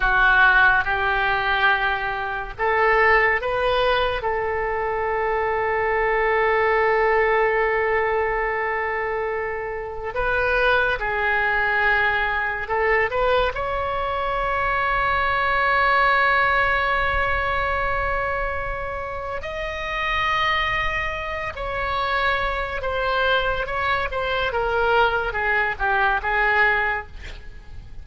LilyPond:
\new Staff \with { instrumentName = "oboe" } { \time 4/4 \tempo 4 = 71 fis'4 g'2 a'4 | b'4 a'2.~ | a'1 | b'4 gis'2 a'8 b'8 |
cis''1~ | cis''2. dis''4~ | dis''4. cis''4. c''4 | cis''8 c''8 ais'4 gis'8 g'8 gis'4 | }